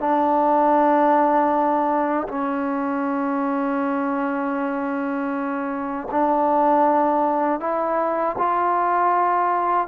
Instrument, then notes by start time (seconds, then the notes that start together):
trombone
0.00 D4
2.28 C#4
6.11 D4
7.60 E4
8.38 F4